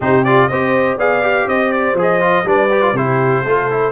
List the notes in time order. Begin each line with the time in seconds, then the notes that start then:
0.00 C3 D#4 G4 C5
0.24 F4 D5
0.48 C4 G4 C5 D#5
0.96 B3 G#4 D5 F5
1.22 G4
1.47 C4 C5 D#5
1.72 D5
1.94 F3 G#4
2.01 D#5
2.20 F4
2.44 G3 D4 B4 D5
2.70 G4
2.81 F4
2.92 C3 E4 G4 C5
3.42 A3 F4 A4
3.70 E4